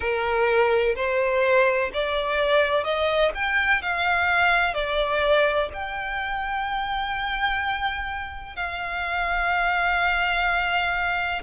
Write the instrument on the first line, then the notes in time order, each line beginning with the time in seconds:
violin
0.00 A#4
0.95 C5
1.93 D5
2.84 D#5
3.34 G5
3.82 F5
4.74 D5
5.73 G5
8.56 F5